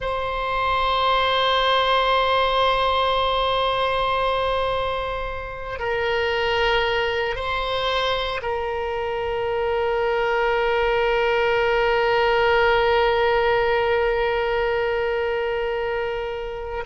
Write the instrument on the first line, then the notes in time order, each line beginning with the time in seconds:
oboe
0.00 C5
5.79 A#4
7.35 C5
8.42 A#4